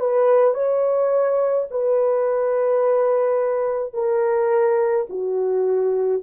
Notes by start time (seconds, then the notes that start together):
0.00 B4
0.55 C#5
1.71 B4
3.93 A#4
5.09 F#4